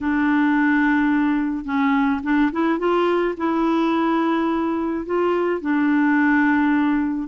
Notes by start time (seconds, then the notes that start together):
0.00 D4
1.64 C#4
2.23 D4
2.52 E4
2.79 F4
3.37 E4
5.05 F4
5.61 D4